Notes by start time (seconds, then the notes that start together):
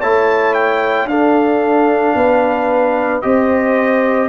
0.00 A3 E4 C#5 A5
0.54 G5
1.05 D4 A4 F5
2.15 B3 B4
3.22 C4 G4 C5 D#5